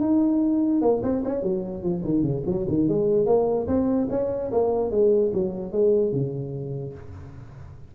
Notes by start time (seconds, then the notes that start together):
0.00 D#4
0.81 A#3
1.03 C4
1.24 C#4
1.42 F#3
1.82 F3
2.04 D#3
2.22 C#3
2.46 F#3
2.68 D#3
2.88 G#3
3.26 A#3
3.67 C4
4.10 C#4
4.51 A#3
4.91 G#3
5.33 F#3
5.72 G#3
6.12 C#3